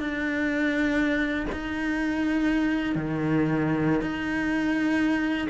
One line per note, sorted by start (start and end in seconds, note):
0.00 1.46 D4
1.52 2.95 D#4
2.95 4.01 D#3
4.01 5.48 D#4